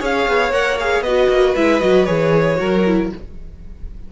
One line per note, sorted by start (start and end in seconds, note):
0.00 0.27 C#4
0.00 0.52 G#4
0.00 1.04 C#5
0.00 0.53 F5
0.28 0.52 B3
0.52 1.02 A#3
0.52 0.78 A#4
0.52 0.79 F#5
0.79 1.06 G#4
0.79 1.03 F5
1.02 1.27 B3
1.02 1.57 F#4
1.02 2.59 B4
1.02 1.55 D#5
1.29 1.55 A#3
1.56 1.82 G#3
1.56 1.81 E4
1.56 1.81 E5
1.81 2.08 F#3
1.81 2.06 F#4
1.81 2.05 D#5
2.05 2.60 E3
2.05 2.56 G#4
2.05 3.09 C#5
2.56 3.13 F#3
2.56 2.82 F#4
2.56 3.12 A#4
2.87 3.12 E4